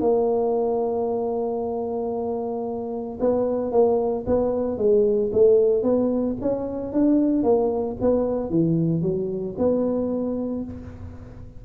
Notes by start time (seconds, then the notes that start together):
0.00 A#3
3.20 B3
3.71 A#3
4.26 B3
4.77 G#3
5.32 A3
5.83 B3
6.41 C#4
6.93 D4
7.43 A#3
8.01 B3
8.50 E3
9.02 F#3
9.57 B3